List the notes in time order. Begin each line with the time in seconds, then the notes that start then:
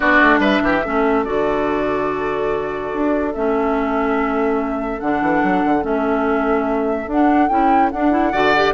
0.00 B3 D4 F#4 D5
0.20 A3
0.38 G3 B4 E5
0.61 E3 G4
0.84 A3 C#4 A4
1.24 D3 F#4 D5
2.93 D4
3.33 A3 C#4 E5
4.99 D3 D4 F#5
5.21 E3
5.43 F#3
5.64 D3
5.81 A3 C#4 E5
7.06 D4 F#5
7.48 C#4 E4 G5
7.91 D4 F#5
8.11 E4
8.32 D3 F#4 D5
8.55 G4